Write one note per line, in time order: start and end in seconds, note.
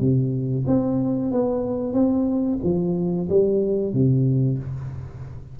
0.00 0.65 C3
0.66 1.31 C4
1.31 1.93 B3
1.93 2.58 C4
2.63 3.28 F3
3.29 3.93 G3
3.93 4.58 C3